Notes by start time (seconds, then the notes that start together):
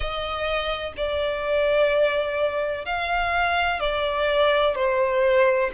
0.00 D#5
0.96 D5
2.85 F5
3.80 D5
4.75 C5